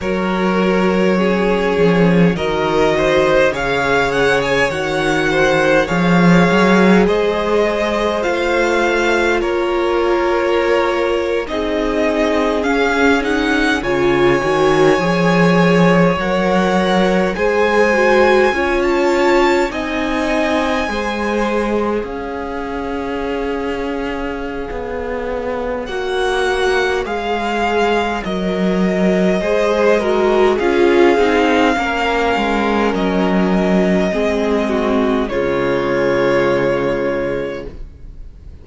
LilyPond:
<<
  \new Staff \with { instrumentName = "violin" } { \time 4/4 \tempo 4 = 51 cis''2 dis''4 f''8 fis''16 gis''16 | fis''4 f''4 dis''4 f''4 | cis''4.~ cis''16 dis''4 f''8 fis''8 gis''16~ | gis''4.~ gis''16 fis''4 gis''4~ gis''16 |
a''8. gis''2 f''4~ f''16~ | f''2 fis''4 f''4 | dis''2 f''2 | dis''2 cis''2 | }
  \new Staff \with { instrumentName = "violin" } { \time 4/4 ais'4 gis'4 ais'8 c''8 cis''4~ | cis''8 c''8 cis''4 c''2 | ais'4.~ ais'16 gis'2 cis''16~ | cis''2~ cis''8. c''4 cis''16~ |
cis''8. dis''4 c''4 cis''4~ cis''16~ | cis''1~ | cis''4 c''8 ais'8 gis'4 ais'4~ | ais'4 gis'8 fis'8 f'2 | }
  \new Staff \with { instrumentName = "viola" } { \time 4/4 fis'4 cis'4 fis'4 gis'4 | fis'4 gis'2 f'4~ | f'4.~ f'16 dis'4 cis'8 dis'8 f'16~ | f'16 fis'8 gis'4 ais'4 gis'8 fis'8 f'16~ |
f'8. dis'4 gis'2~ gis'16~ | gis'2 fis'4 gis'4 | ais'4 gis'8 fis'8 f'8 dis'8 cis'4~ | cis'4 c'4 gis2 | }
  \new Staff \with { instrumentName = "cello" } { \time 4/4 fis4. f8 dis4 cis4 | dis4 f8 fis8 gis4 a4 | ais4.~ ais16 c'4 cis'4 cis16~ | cis16 dis8 f4 fis4 gis4 cis'16~ |
cis'8. c'4 gis4 cis'4~ cis'16~ | cis'4 b4 ais4 gis4 | fis4 gis4 cis'8 c'8 ais8 gis8 | fis4 gis4 cis2 | }
>>